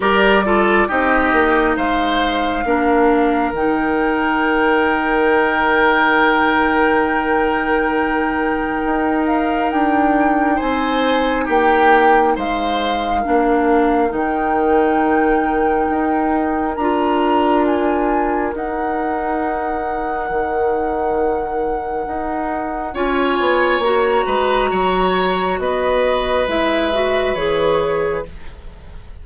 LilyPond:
<<
  \new Staff \with { instrumentName = "flute" } { \time 4/4 \tempo 4 = 68 d''4 dis''4 f''2 | g''1~ | g''2~ g''8 f''8 g''4 | gis''4 g''4 f''2 |
g''2. ais''4 | gis''4 fis''2.~ | fis''2 gis''4 ais''4~ | ais''4 dis''4 e''4 cis''4 | }
  \new Staff \with { instrumentName = "oboe" } { \time 4/4 ais'8 a'8 g'4 c''4 ais'4~ | ais'1~ | ais'1 | c''4 g'4 c''4 ais'4~ |
ais'1~ | ais'1~ | ais'2 cis''4. b'8 | cis''4 b'2. | }
  \new Staff \with { instrumentName = "clarinet" } { \time 4/4 g'8 f'8 dis'2 d'4 | dis'1~ | dis'1~ | dis'2. d'4 |
dis'2. f'4~ | f'4 dis'2.~ | dis'2 f'4 fis'4~ | fis'2 e'8 fis'8 gis'4 | }
  \new Staff \with { instrumentName = "bassoon" } { \time 4/4 g4 c'8 ais8 gis4 ais4 | dis1~ | dis2 dis'4 d'4 | c'4 ais4 gis4 ais4 |
dis2 dis'4 d'4~ | d'4 dis'2 dis4~ | dis4 dis'4 cis'8 b8 ais8 gis8 | fis4 b4 gis4 e4 | }
>>